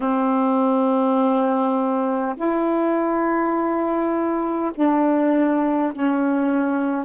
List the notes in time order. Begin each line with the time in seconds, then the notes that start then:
0.00 C4
2.36 E4
4.74 D4
5.92 C#4